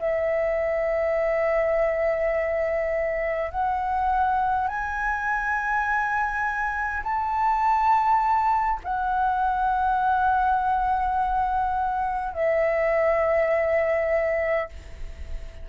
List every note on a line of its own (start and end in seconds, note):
0.00 3.51 E5
3.51 4.68 F#5
4.68 7.03 G#5
7.04 8.80 A5
8.84 12.34 F#5
12.34 14.69 E5